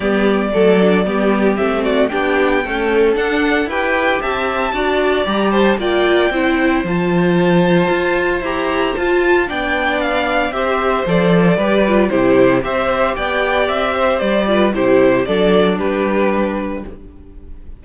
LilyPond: <<
  \new Staff \with { instrumentName = "violin" } { \time 4/4 \tempo 4 = 114 d''2. e''8 d''8 | g''2 fis''4 g''4 | a''2 ais''8 a''8 g''4~ | g''4 a''2. |
ais''4 a''4 g''4 f''4 | e''4 d''2 c''4 | e''4 g''4 e''4 d''4 | c''4 d''4 b'2 | }
  \new Staff \with { instrumentName = "violin" } { \time 4/4 g'4 a'4 g'4. fis'8 | g'4 a'2 b'4 | e''4 d''4. c''8 d''4 | c''1~ |
c''2 d''2 | c''2 b'4 g'4 | c''4 d''4. c''4 b'8 | g'4 a'4 g'2 | }
  \new Staff \with { instrumentName = "viola" } { \time 4/4 b4 a8 d'8 b4 c'4 | d'4 a4 d'4 g'4~ | g'4 fis'4 g'4 f'4 | e'4 f'2. |
g'4 f'4 d'2 | g'4 a'4 g'8 f'8 e'4 | g'2.~ g'8 f'8 | e'4 d'2. | }
  \new Staff \with { instrumentName = "cello" } { \time 4/4 g4 fis4 g4 a4 | b4 cis'4 d'4 e'4 | c'4 d'4 g4 ais4 | c'4 f2 f'4 |
e'4 f'4 b2 | c'4 f4 g4 c4 | c'4 b4 c'4 g4 | c4 fis4 g2 | }
>>